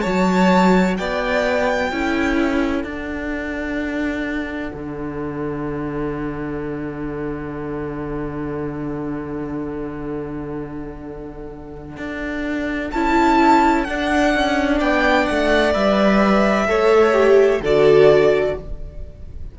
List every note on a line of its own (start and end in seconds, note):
0.00 0.99 F#3
0.00 1.92 F#4
0.00 0.95 C#5
0.00 0.94 A5
0.96 1.92 B3
0.96 1.89 D5
0.96 2.82 G5
1.89 2.84 C#4
1.89 2.85 E4
1.89 14.78 A4
2.82 4.71 D4
2.82 12.93 D4
2.82 12.90 F#5
4.73 11.97 D3
11.97 12.90 D4
12.91 13.88 C#4
12.91 13.87 E4
12.91 13.84 A5
13.84 15.73 D4
13.84 14.34 D4
13.84 14.78 F#5
14.34 14.81 C#4
14.78 15.28 B3
14.78 16.65 D5
14.78 15.26 G5
15.26 15.74 A3
15.26 15.73 F#5
15.73 16.67 G3
15.73 16.66 B4
15.73 17.61 E5
16.67 17.60 A3
16.67 17.12 A4
16.67 17.61 C#5
17.12 17.59 G4
17.60 18.54 D3
17.60 18.59 F#4
17.60 18.54 A4
17.60 18.58 D5